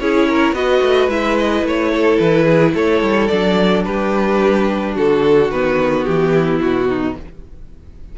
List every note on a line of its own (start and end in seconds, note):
0.00 0.53 C#4
0.00 0.55 E4
0.00 0.29 G#4
0.00 0.55 C#5
0.29 0.55 A#4
0.53 0.80 B3
0.53 1.10 F#4
0.53 1.92 B4
0.53 1.10 D#5
0.82 1.08 A3
1.08 1.63 G#3
1.08 3.31 E4
1.08 1.38 E5
1.39 1.67 D#5
1.63 2.18 A3
1.63 2.19 C#5
1.92 2.45 A4
2.19 2.75 E3
2.19 2.74 B4
2.45 2.72 G#4
2.75 3.02 A3
2.75 3.85 A4
2.75 3.28 C#5
3.02 3.30 G3
3.28 3.87 F#3
3.28 5.53 D4
3.28 3.83 D5
3.85 4.97 G3
3.85 4.95 G4
3.85 4.95 B4
4.95 5.51 D3
4.95 6.33 F#4
4.95 5.51 A4
5.51 6.06 D#3
5.51 7.18 B3
5.51 6.05 B4
6.05 6.61 E3
6.05 6.60 G4
6.34 6.89 E4
6.61 7.16 B2
6.61 7.16 F#4
6.89 7.16 D#4